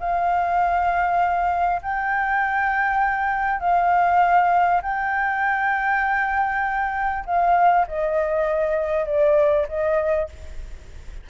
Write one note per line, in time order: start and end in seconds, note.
0.00 1.82 F5
1.82 3.60 G5
3.60 4.82 F5
4.82 7.25 G5
7.26 7.87 F5
7.88 9.06 D#5
9.06 9.67 D5
9.69 10.29 D#5